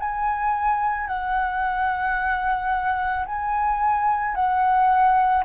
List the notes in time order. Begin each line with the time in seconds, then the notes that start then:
0.00 G#5
1.08 F#5
3.26 G#5
4.35 F#5